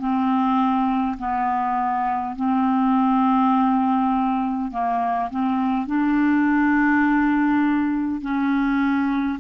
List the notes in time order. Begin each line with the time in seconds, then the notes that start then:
0.00 C4
1.18 B3
2.36 C4
4.72 A#3
5.31 C4
5.87 D4
8.22 C#4